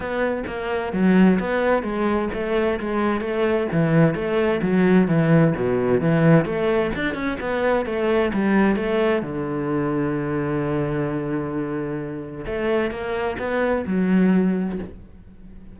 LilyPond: \new Staff \with { instrumentName = "cello" } { \time 4/4 \tempo 4 = 130 b4 ais4 fis4 b4 | gis4 a4 gis4 a4 | e4 a4 fis4 e4 | b,4 e4 a4 d'8 cis'8 |
b4 a4 g4 a4 | d1~ | d2. a4 | ais4 b4 fis2 | }